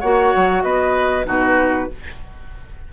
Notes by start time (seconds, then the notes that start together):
0.00 A#3 F#4 C#5 F#5
0.35 F#3
0.63 B3 B4 D#5
1.25 B2 D#4 F#4 B4